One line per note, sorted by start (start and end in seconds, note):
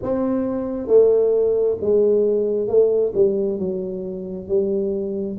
0.02 0.87 C4
0.87 1.76 A3
1.81 2.67 G#3
2.67 3.12 A3
3.14 3.59 G3
3.59 4.48 F#3
4.48 5.37 G3